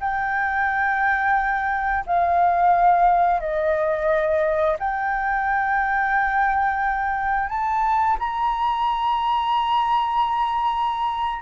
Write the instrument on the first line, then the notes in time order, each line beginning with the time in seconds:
flute
0.00 G5
2.07 F5
3.41 D#5
4.79 G5
7.49 A5
8.19 A#5